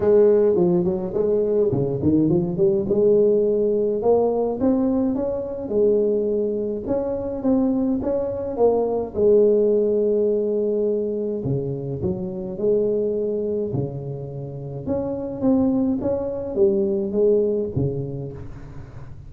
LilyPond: \new Staff \with { instrumentName = "tuba" } { \time 4/4 \tempo 4 = 105 gis4 f8 fis8 gis4 cis8 dis8 | f8 g8 gis2 ais4 | c'4 cis'4 gis2 | cis'4 c'4 cis'4 ais4 |
gis1 | cis4 fis4 gis2 | cis2 cis'4 c'4 | cis'4 g4 gis4 cis4 | }